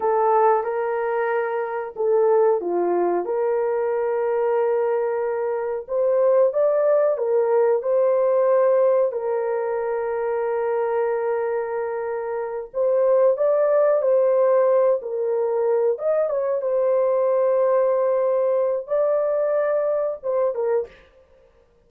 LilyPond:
\new Staff \with { instrumentName = "horn" } { \time 4/4 \tempo 4 = 92 a'4 ais'2 a'4 | f'4 ais'2.~ | ais'4 c''4 d''4 ais'4 | c''2 ais'2~ |
ais'2.~ ais'8 c''8~ | c''8 d''4 c''4. ais'4~ | ais'8 dis''8 cis''8 c''2~ c''8~ | c''4 d''2 c''8 ais'8 | }